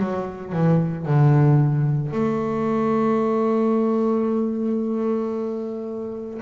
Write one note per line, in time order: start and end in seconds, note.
0.00 0.53 F#3
0.53 1.06 E3
1.06 2.12 D3
2.12 6.41 A3